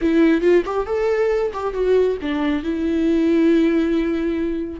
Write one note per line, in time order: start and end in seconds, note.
0.01 0.41 E4
0.41 0.63 F4
0.65 0.86 G4
0.86 1.51 A4
1.53 1.73 G4
1.73 2.17 F#4
2.21 2.63 D4
2.63 4.79 E4